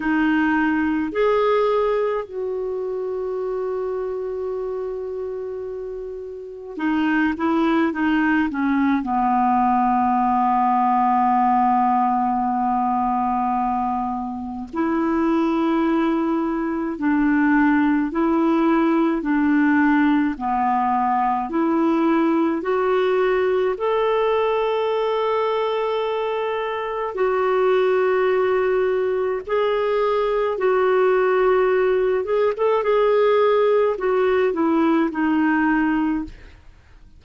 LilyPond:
\new Staff \with { instrumentName = "clarinet" } { \time 4/4 \tempo 4 = 53 dis'4 gis'4 fis'2~ | fis'2 dis'8 e'8 dis'8 cis'8 | b1~ | b4 e'2 d'4 |
e'4 d'4 b4 e'4 | fis'4 a'2. | fis'2 gis'4 fis'4~ | fis'8 gis'16 a'16 gis'4 fis'8 e'8 dis'4 | }